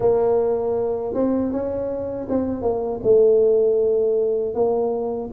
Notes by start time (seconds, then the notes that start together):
0.00 A#3
1.14 C4
1.52 C#4
2.29 C4
2.62 A#3
3.03 A3
4.54 A#3